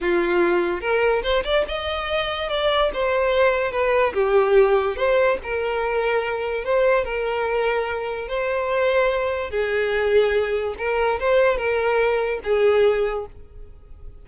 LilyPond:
\new Staff \with { instrumentName = "violin" } { \time 4/4 \tempo 4 = 145 f'2 ais'4 c''8 d''8 | dis''2 d''4 c''4~ | c''4 b'4 g'2 | c''4 ais'2. |
c''4 ais'2. | c''2. gis'4~ | gis'2 ais'4 c''4 | ais'2 gis'2 | }